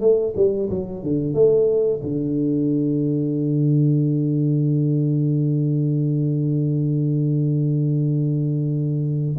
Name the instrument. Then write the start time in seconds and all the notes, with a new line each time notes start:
tuba
0.00 A3
0.35 G3
0.69 F#3
1.03 D3
1.34 A3
2.02 D3